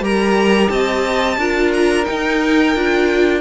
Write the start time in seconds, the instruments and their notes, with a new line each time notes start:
0.00 cello G3, viola G4, violin A#4 A#5
0.69 cello C4, violin D#5 A5
1.37 cello D4, viola F4, violin A#4
1.73 violin A#5
2.04 viola D#4, cello D#4, violin G5
2.75 cello D4, viola F4